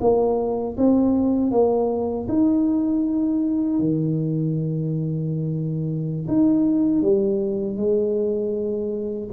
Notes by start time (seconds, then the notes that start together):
0.00 A#3
0.77 C4
1.51 A#3
2.28 D#4
3.79 D#3
6.27 D#4
7.01 G3
7.76 G#3